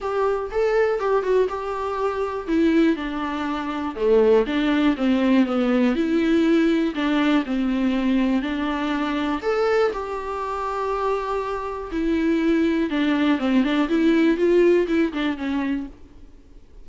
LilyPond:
\new Staff \with { instrumentName = "viola" } { \time 4/4 \tempo 4 = 121 g'4 a'4 g'8 fis'8 g'4~ | g'4 e'4 d'2 | a4 d'4 c'4 b4 | e'2 d'4 c'4~ |
c'4 d'2 a'4 | g'1 | e'2 d'4 c'8 d'8 | e'4 f'4 e'8 d'8 cis'4 | }